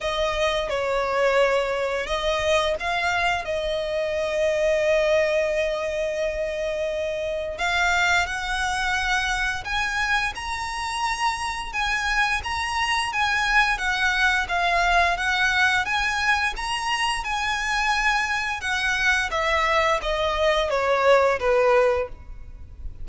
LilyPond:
\new Staff \with { instrumentName = "violin" } { \time 4/4 \tempo 4 = 87 dis''4 cis''2 dis''4 | f''4 dis''2.~ | dis''2. f''4 | fis''2 gis''4 ais''4~ |
ais''4 gis''4 ais''4 gis''4 | fis''4 f''4 fis''4 gis''4 | ais''4 gis''2 fis''4 | e''4 dis''4 cis''4 b'4 | }